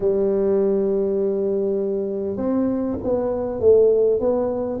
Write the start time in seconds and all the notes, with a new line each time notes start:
0.00 G3
2.36 C4
3.03 B3
3.60 A3
4.20 B3